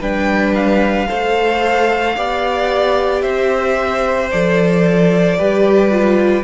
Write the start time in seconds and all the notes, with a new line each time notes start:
0.00 G3 D4 B4 G5
0.55 F5
1.08 A3 A4 C5
2.16 B3 G4 D5
3.21 C4 C5 E5
4.31 F3 A4 D5
5.38 G3 G4 B4
5.90 F4